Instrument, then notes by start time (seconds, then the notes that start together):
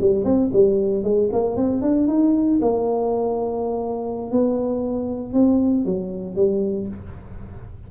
tuba
0.00 G3
0.24 C4
0.53 G3
1.03 G#3
1.32 A#3
1.56 C4
1.81 D4
2.08 D#4
2.61 A#3
4.31 B3
5.33 C4
5.85 F#3
6.35 G3